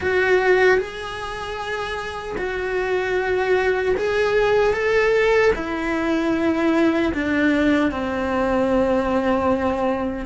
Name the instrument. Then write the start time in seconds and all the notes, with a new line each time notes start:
cello
0.00 F#4
0.78 G#4
2.37 F#4
3.97 G#4
4.73 A4
5.55 E4
7.13 D4
7.91 C4